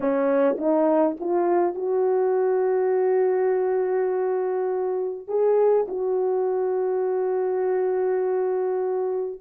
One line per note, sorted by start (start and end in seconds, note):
0.00 0.56 C#4
0.57 1.16 D#4
1.20 1.74 F4
1.74 5.27 F#4
5.27 5.86 G#4
5.88 9.40 F#4